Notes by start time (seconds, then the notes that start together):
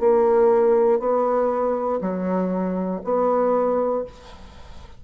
0.00 A#3
1.00 B3
2.02 F#3
3.05 B3